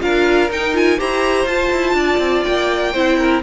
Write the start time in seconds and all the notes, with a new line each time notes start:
0.00 D4 F4 A#4 F5
0.50 D#4 G5
0.73 F4 G#5
0.98 E4 G4 C5 A#5
1.45 F4 A5
1.72 E4
1.93 D4 D5
2.18 C4
2.43 A#3 G5
2.92 C4 E4 C5
3.18 A#4